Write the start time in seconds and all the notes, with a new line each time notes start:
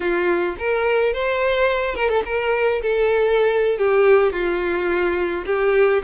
0.00 F4
0.58 A#4
1.13 C5
1.95 A#4
2.08 A4
2.25 A#4
2.81 A4
3.78 G4
4.32 F4
5.46 G4